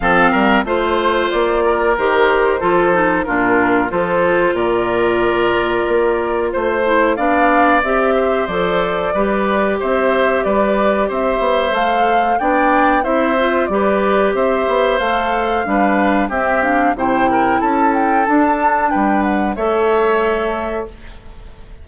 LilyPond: <<
  \new Staff \with { instrumentName = "flute" } { \time 4/4 \tempo 4 = 92 f''4 c''4 d''4 c''4~ | c''4 ais'4 c''4 d''4~ | d''2 c''4 f''4 | e''4 d''2 e''4 |
d''4 e''4 f''4 g''4 | e''4 d''4 e''4 f''4~ | f''4 e''8 f''8 g''4 a''8 g''8 | a''4 g''8 fis''8 e''2 | }
  \new Staff \with { instrumentName = "oboe" } { \time 4/4 a'8 ais'8 c''4. ais'4. | a'4 f'4 a'4 ais'4~ | ais'2 c''4 d''4~ | d''8 c''4. b'4 c''4 |
b'4 c''2 d''4 | c''4 b'4 c''2 | b'4 g'4 c''8 ais'8 a'4~ | a'4 b'4 cis''2 | }
  \new Staff \with { instrumentName = "clarinet" } { \time 4/4 c'4 f'2 g'4 | f'8 dis'8 d'4 f'2~ | f'2~ f'8 e'8 d'4 | g'4 a'4 g'2~ |
g'2 a'4 d'4 | e'8 f'8 g'2 a'4 | d'4 c'8 d'8 e'2 | d'2 a'2 | }
  \new Staff \with { instrumentName = "bassoon" } { \time 4/4 f8 g8 a4 ais4 dis4 | f4 ais,4 f4 ais,4~ | ais,4 ais4 a4 b4 | c'4 f4 g4 c'4 |
g4 c'8 b8 a4 b4 | c'4 g4 c'8 b8 a4 | g4 c'4 c4 cis'4 | d'4 g4 a2 | }
>>